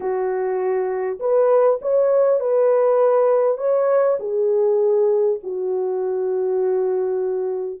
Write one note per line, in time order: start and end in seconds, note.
0.00 1.19 F#4
1.19 1.79 B4
1.81 2.40 C#5
2.40 3.57 B4
3.57 4.17 C#5
4.19 5.39 G#4
5.43 7.80 F#4